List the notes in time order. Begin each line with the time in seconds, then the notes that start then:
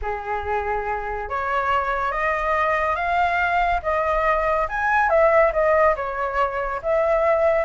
0.02 G#4
1.29 C#5
2.11 D#5
2.95 F5
3.82 D#5
4.68 G#5
5.09 E5
5.52 D#5
5.96 C#5
6.82 E5